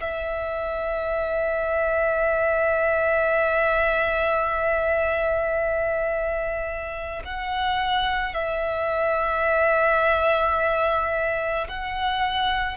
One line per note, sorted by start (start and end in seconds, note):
0.00 7.22 E5
7.25 8.34 F#5
8.34 11.67 E5
11.68 12.77 F#5